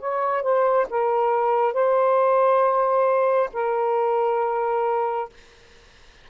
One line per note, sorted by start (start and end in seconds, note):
0.00 0.43 C#5
0.43 0.87 C5
0.90 1.74 A#4
1.74 3.51 C5
3.53 5.30 A#4